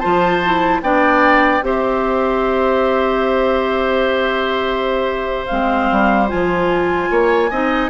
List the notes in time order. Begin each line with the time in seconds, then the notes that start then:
0.00 F3 F4 C5 A5
0.45 E4
0.81 B3 D4 D5 G5
1.62 C4 G4 C5 E5
5.47 G#3 C4 F5
5.91 G3
6.28 F3 F4 G#5
7.11 A#3 C#5
7.51 C4 D#4 D#5